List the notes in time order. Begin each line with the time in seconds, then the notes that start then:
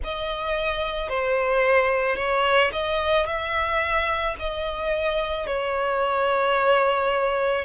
0.03 D#5
1.09 C5
2.16 C#5
2.72 D#5
3.26 E5
4.39 D#5
5.46 C#5